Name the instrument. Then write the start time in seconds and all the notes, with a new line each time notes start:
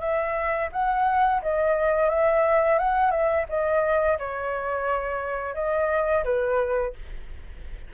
flute
0.00 E5
0.72 F#5
1.42 D#5
2.09 E5
2.79 F#5
3.11 E5
3.49 D#5
4.18 C#5
5.55 D#5
6.24 B4